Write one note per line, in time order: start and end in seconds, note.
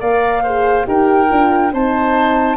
0.00 0.86 A#3
0.00 0.45 A#4
0.00 0.43 D5
0.00 0.86 F5
0.43 0.84 G#4
0.43 0.86 C5
0.84 1.30 D#4
0.84 1.27 G4
0.84 1.73 A#4
0.84 1.73 G5
1.29 1.73 D4
1.29 1.72 F4
1.73 2.57 C4
1.73 2.57 D#4
1.73 2.57 C5
1.73 2.57 A5